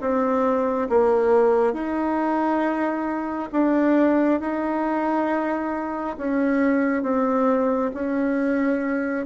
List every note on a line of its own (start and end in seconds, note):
0.00 0.88 C4
0.89 1.72 A#3
1.72 3.49 D#4
3.52 4.40 D4
4.40 6.16 D#4
6.17 7.02 C#4
7.02 7.91 C4
7.94 9.26 C#4